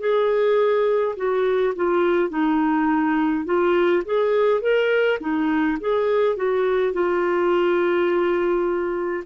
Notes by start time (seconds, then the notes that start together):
0.00 G#4
1.16 F#4
1.76 F4
2.30 D#4
3.45 F4
4.05 G#4
4.61 A#4
5.20 D#4
5.81 G#4
6.36 F#4
6.93 F4